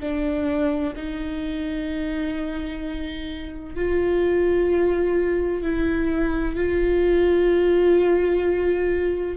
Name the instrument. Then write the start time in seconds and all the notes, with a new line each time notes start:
viola
0.00 D4
0.96 D#4
3.75 F4
5.62 E4
6.56 F4